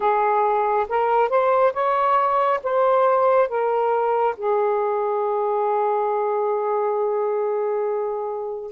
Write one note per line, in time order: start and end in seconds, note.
0.00 0.87 G#4
0.89 1.29 A#4
1.29 1.72 C5
1.73 2.60 C#5
2.63 3.48 C5
3.48 4.35 A#4
4.36 8.71 G#4